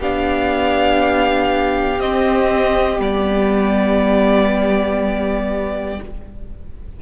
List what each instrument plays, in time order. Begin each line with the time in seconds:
0.00 cello B3, viola D4, violin G4 F5
1.99 cello C4, viola C4, violin D#5
2.99 cello G3, viola B3, violin D5